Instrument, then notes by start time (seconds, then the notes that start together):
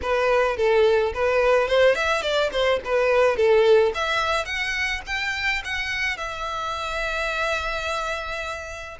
violin
0.02 B4
0.56 A4
1.13 B4
1.68 C5
1.95 E5
2.21 D5
2.52 C5
2.84 B4
3.36 A4
3.94 E5
4.45 F#5
5.06 G5
5.64 F#5
6.17 E5